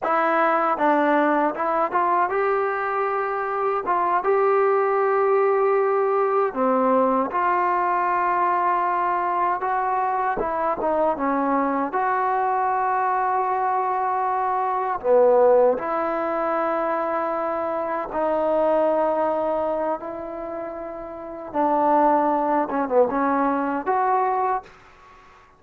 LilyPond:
\new Staff \with { instrumentName = "trombone" } { \time 4/4 \tempo 4 = 78 e'4 d'4 e'8 f'8 g'4~ | g'4 f'8 g'2~ g'8~ | g'8 c'4 f'2~ f'8~ | f'8 fis'4 e'8 dis'8 cis'4 fis'8~ |
fis'2.~ fis'8 b8~ | b8 e'2. dis'8~ | dis'2 e'2 | d'4. cis'16 b16 cis'4 fis'4 | }